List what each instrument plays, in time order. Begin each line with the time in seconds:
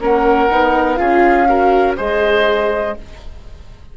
0.00 bassoon A#3, viola C#4, oboe A#4, flute F#5
0.51 bassoon B3, viola D#4
0.95 bassoon C#4, viola F4, oboe G#4, flute F5
1.49 viola F#4, oboe A#4
1.97 bassoon G#3, viola G#4, oboe C5, flute D#5